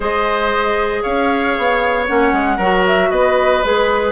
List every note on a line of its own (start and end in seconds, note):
0.00 1.02 G#3
0.00 2.05 G#4
0.00 1.02 C5
0.00 1.03 D#5
1.02 1.57 C#4
1.02 2.56 C#5
1.02 2.06 F5
1.57 2.09 B3
2.07 2.32 A#3
2.07 2.59 C#4
2.07 2.84 F#5
2.32 2.58 G#3
2.56 3.09 F#3
2.56 3.64 F#4
2.56 3.08 A#4
2.86 3.11 E5
3.10 3.62 B3
3.10 4.12 B4
3.10 3.62 D#5
3.62 4.12 G#3
3.62 4.12 G#4
3.62 4.12 B4